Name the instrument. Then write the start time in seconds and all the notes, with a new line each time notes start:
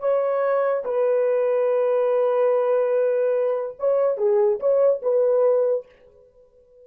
horn
0.00 C#5
0.85 B4
3.79 C#5
4.18 G#4
4.60 C#5
5.02 B4